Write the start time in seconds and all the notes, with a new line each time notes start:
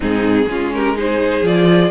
0.00 G#2 C4 D#4 G#4
0.47 G#3 C#4 F4
0.73 G4 A#4
0.95 D#4 G#4 C5
1.42 F3 F4 D5